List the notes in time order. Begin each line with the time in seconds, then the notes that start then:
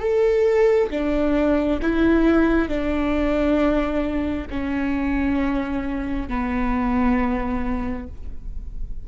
0.00 A4
0.90 D4
1.82 E4
2.68 D4
4.50 C#4
6.28 B3